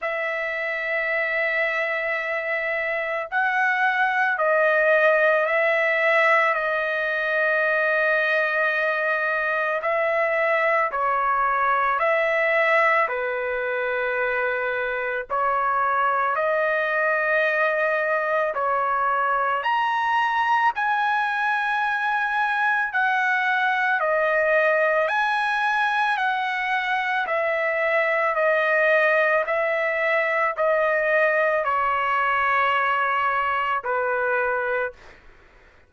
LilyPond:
\new Staff \with { instrumentName = "trumpet" } { \time 4/4 \tempo 4 = 55 e''2. fis''4 | dis''4 e''4 dis''2~ | dis''4 e''4 cis''4 e''4 | b'2 cis''4 dis''4~ |
dis''4 cis''4 ais''4 gis''4~ | gis''4 fis''4 dis''4 gis''4 | fis''4 e''4 dis''4 e''4 | dis''4 cis''2 b'4 | }